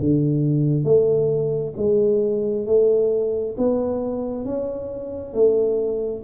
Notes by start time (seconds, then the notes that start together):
0.00 D3
0.84 A3
1.77 G#3
2.66 A3
3.58 B3
4.45 C#4
5.34 A3